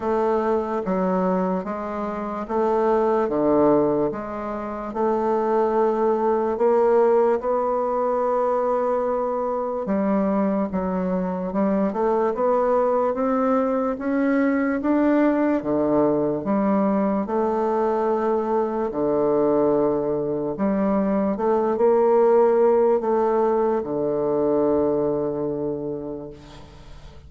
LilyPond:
\new Staff \with { instrumentName = "bassoon" } { \time 4/4 \tempo 4 = 73 a4 fis4 gis4 a4 | d4 gis4 a2 | ais4 b2. | g4 fis4 g8 a8 b4 |
c'4 cis'4 d'4 d4 | g4 a2 d4~ | d4 g4 a8 ais4. | a4 d2. | }